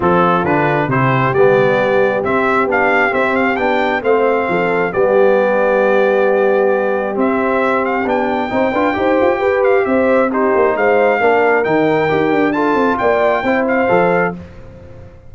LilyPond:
<<
  \new Staff \with { instrumentName = "trumpet" } { \time 4/4 \tempo 4 = 134 a'4 b'4 c''4 d''4~ | d''4 e''4 f''4 e''8 f''8 | g''4 f''2 d''4~ | d''1 |
e''4. f''8 g''2~ | g''4. f''8 e''4 c''4 | f''2 g''2 | a''4 g''4. f''4. | }
  \new Staff \with { instrumentName = "horn" } { \time 4/4 f'2 g'2~ | g'1~ | g'4 c''4 a'4 g'4~ | g'1~ |
g'2. c''8 b'8 | c''4 b'4 c''4 g'4 | c''4 ais'2. | a'4 d''4 c''2 | }
  \new Staff \with { instrumentName = "trombone" } { \time 4/4 c'4 d'4 e'4 b4~ | b4 c'4 d'4 c'4 | d'4 c'2 b4~ | b1 |
c'2 d'4 dis'8 f'8 | g'2. dis'4~ | dis'4 d'4 dis'4 g'4 | f'2 e'4 a'4 | }
  \new Staff \with { instrumentName = "tuba" } { \time 4/4 f4 d4 c4 g4~ | g4 c'4 b4 c'4 | b4 a4 f4 g4~ | g1 |
c'2 b4 c'8 d'8 | dis'8 f'8 g'4 c'4. ais8 | gis4 ais4 dis4 dis'8 d'8~ | d'8 c'8 ais4 c'4 f4 | }
>>